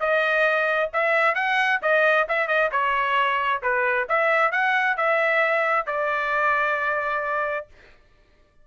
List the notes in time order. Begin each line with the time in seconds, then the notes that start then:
0.00 D#5
0.94 E5
1.35 F#5
1.82 D#5
2.28 E5
2.48 D#5
2.72 C#5
3.63 B4
4.09 E5
4.52 F#5
4.97 E5
5.86 D5